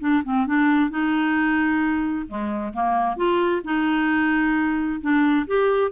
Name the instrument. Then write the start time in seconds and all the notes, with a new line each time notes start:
clarinet
0.00 D4
0.24 C4
0.46 D4
0.90 D#4
2.27 G#3
2.73 A#3
3.16 F4
3.64 D#4
5.01 D4
5.47 G4